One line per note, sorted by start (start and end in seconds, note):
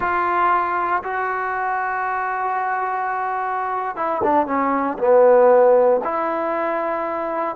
0.00 1.02 F4
1.03 3.96 F#4
3.96 4.21 E4
4.23 4.46 D4
4.46 4.97 C#4
4.98 6.00 B3
6.03 7.55 E4